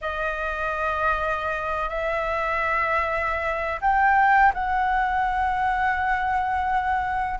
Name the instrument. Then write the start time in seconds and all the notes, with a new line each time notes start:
flute
0.01 D#5
1.89 E5
3.81 G5
4.54 F#5